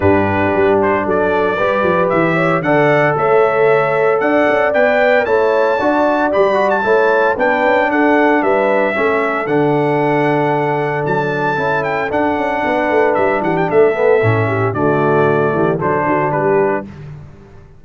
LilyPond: <<
  \new Staff \with { instrumentName = "trumpet" } { \time 4/4 \tempo 4 = 114 b'4. c''8 d''2 | e''4 fis''4 e''2 | fis''4 g''4 a''2 | b''8. a''4~ a''16 g''4 fis''4 |
e''2 fis''2~ | fis''4 a''4. g''8 fis''4~ | fis''4 e''8 fis''16 g''16 e''2 | d''2 c''4 b'4 | }
  \new Staff \with { instrumentName = "horn" } { \time 4/4 g'2 a'4 b'4~ | b'8 cis''8 d''4 cis''2 | d''2 cis''4 d''4~ | d''4 cis''4 b'4 a'4 |
b'4 a'2.~ | a'1 | b'4. g'8 a'4. g'8 | fis'4. g'8 a'8 fis'8 g'4 | }
  \new Staff \with { instrumentName = "trombone" } { \time 4/4 d'2. g'4~ | g'4 a'2.~ | a'4 b'4 e'4 fis'4 | g'8 fis'8 e'4 d'2~ |
d'4 cis'4 d'2~ | d'2 e'4 d'4~ | d'2~ d'8 b8 cis'4 | a2 d'2 | }
  \new Staff \with { instrumentName = "tuba" } { \time 4/4 g,4 g4 fis4 g8 f8 | e4 d4 a2 | d'8 cis'8 b4 a4 d'4 | g4 a4 b8 cis'8 d'4 |
g4 a4 d2~ | d4 fis4 cis'4 d'8 cis'8 | b8 a8 g8 e8 a4 a,4 | d4. e8 fis8 d8 g4 | }
>>